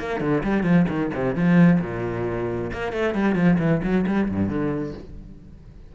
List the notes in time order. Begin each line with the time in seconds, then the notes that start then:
0.00 A#3
0.21 D3
0.44 G3
0.64 F3
0.89 D#3
1.14 C3
1.36 F3
1.81 A#2
2.73 A#3
2.93 A3
3.15 G3
3.36 F3
3.59 E3
3.84 F#3
4.07 G3
4.30 G2
4.49 D3